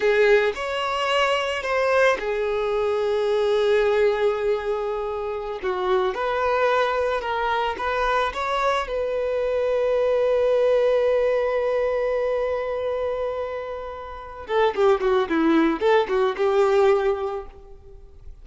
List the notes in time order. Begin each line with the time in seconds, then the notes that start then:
0.00 G#4
0.55 C#5
1.62 C5
2.19 G#4
5.62 F#4
6.14 B4
7.21 A#4
7.78 B4
8.33 C#5
8.87 B4
14.47 A4
14.75 G4
15.00 F#4
15.29 E4
15.80 A4
16.08 F#4
16.36 G4